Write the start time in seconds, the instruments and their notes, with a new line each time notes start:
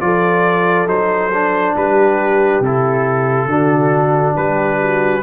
0.00 tuba F3, trombone F4, horn A4, trumpet D5
0.86 tuba F#3, trombone D#4, trumpet C5
1.33 trombone D4
1.76 tuba G3, horn G4, trumpet B4
2.60 tuba C3, trombone E4, trumpet A4
3.46 tuba D3, trombone D4, horn F#4
4.36 tuba G3, horn G4, trumpet B4
4.81 horn F#4